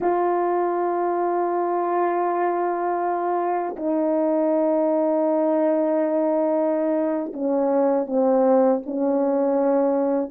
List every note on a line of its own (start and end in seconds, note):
0.00 3.75 F4
3.76 7.32 D#4
7.33 8.06 C#4
8.06 8.81 C4
8.85 10.31 C#4